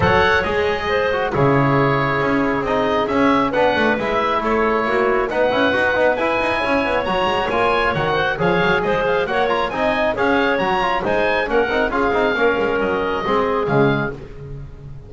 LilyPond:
<<
  \new Staff \with { instrumentName = "oboe" } { \time 4/4 \tempo 4 = 136 fis''4 dis''2 cis''4~ | cis''2 dis''4 e''4 | fis''4 e''4 cis''2 | fis''2 gis''2 |
ais''4 gis''4 fis''4 f''4 | dis''8 f''8 fis''8 ais''8 gis''4 f''4 | ais''4 gis''4 fis''4 f''4~ | f''4 dis''2 f''4 | }
  \new Staff \with { instrumentName = "clarinet" } { \time 4/4 cis''2 c''4 gis'4~ | gis'1 | b'2 a'4 fis'4 | b'2. cis''4~ |
cis''2~ cis''8 c''8 cis''4 | c''4 cis''4 dis''4 cis''4~ | cis''4 c''4 ais'4 gis'4 | ais'2 gis'2 | }
  \new Staff \with { instrumentName = "trombone" } { \time 4/4 a'4 gis'4. fis'8 e'4~ | e'2 dis'4 cis'4 | d'4 e'2. | dis'8 e'8 fis'8 dis'8 e'2 |
fis'4 f'4 fis'4 gis'4~ | gis'4 fis'8 f'8 dis'4 gis'4 | fis'8 f'8 dis'4 cis'8 dis'8 f'8 dis'8 | cis'2 c'4 gis4 | }
  \new Staff \with { instrumentName = "double bass" } { \time 4/4 fis4 gis2 cis4~ | cis4 cis'4 c'4 cis'4 | b8 a8 gis4 a4 ais4 | b8 cis'8 dis'8 b8 e'8 dis'8 cis'8 b8 |
fis8 gis8 ais4 dis4 f8 fis8 | gis4 ais4 c'4 cis'4 | fis4 gis4 ais8 c'8 cis'8 c'8 | ais8 gis8 fis4 gis4 cis4 | }
>>